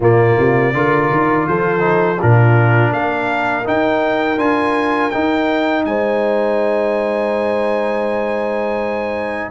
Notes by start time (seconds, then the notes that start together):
0.00 A#2 A#3 F4 D5
0.38 C3
0.73 D3 F4 A#4
1.11 D#3
1.47 F3 A4 C5
1.79 D#4
2.18 A#2 D4 F4 A#4
2.92 A#3 A#4 F5
3.63 D#4 G5
4.37 D4 F4 G#5
5.10 D#4 G5
5.85 G#3 C5 G#5